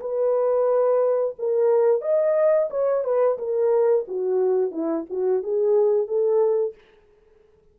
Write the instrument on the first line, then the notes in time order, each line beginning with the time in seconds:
horn
0.00 B4
1.39 A#4
2.01 D#5
2.70 C#5
3.04 B4
3.38 A#4
4.08 F#4
4.71 E4
5.10 F#4
5.43 G#4
6.07 A4